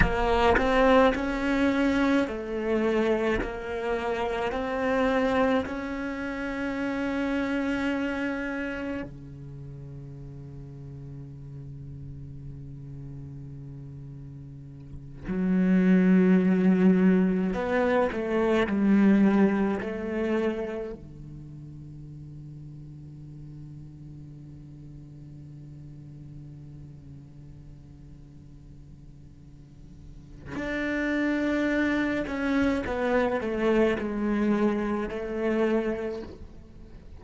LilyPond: \new Staff \with { instrumentName = "cello" } { \time 4/4 \tempo 4 = 53 ais8 c'8 cis'4 a4 ais4 | c'4 cis'2. | cis1~ | cis4. fis2 b8 |
a8 g4 a4 d4.~ | d1~ | d2. d'4~ | d'8 cis'8 b8 a8 gis4 a4 | }